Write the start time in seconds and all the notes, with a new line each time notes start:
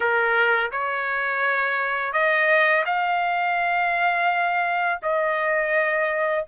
0.00 A#4
0.71 C#5
2.12 D#5
2.85 F5
5.02 D#5